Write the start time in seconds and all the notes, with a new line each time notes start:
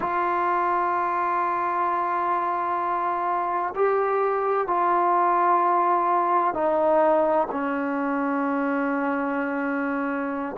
0.00 F4
3.75 G4
4.67 F4
6.54 D#4
7.51 C#4